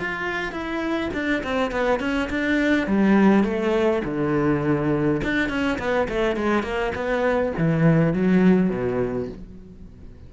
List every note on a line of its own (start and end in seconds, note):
0.00 0.52 F4
0.52 1.11 E4
1.14 1.43 D4
1.44 1.72 C4
1.72 2.00 B3
2.00 2.29 C#4
2.30 2.88 D4
2.88 3.44 G3
3.44 4.03 A3
4.05 5.22 D3
5.24 5.49 D4
5.49 5.79 C#4
5.79 6.08 B3
6.09 6.37 A3
6.37 6.64 G#3
6.64 6.92 A#3
6.95 7.54 B3
7.58 8.14 E3
8.14 8.70 F#3
8.70 9.29 B2